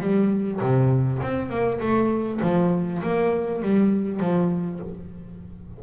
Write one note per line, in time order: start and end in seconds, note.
0.00 0.60 G3
0.60 1.20 C3
1.22 1.49 C4
1.49 1.79 A#3
1.80 2.40 A3
2.42 3.02 F3
3.02 3.62 A#3
3.62 4.19 G3
4.19 4.79 F3